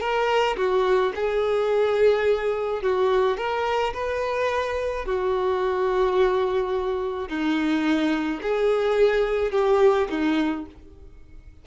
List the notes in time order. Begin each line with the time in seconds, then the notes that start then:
0.00 A#4
0.57 F#4
1.15 G#4
2.82 F#4
3.37 A#4
3.94 B4
5.06 F#4
7.29 D#4
8.42 G#4
9.52 G4
10.10 D#4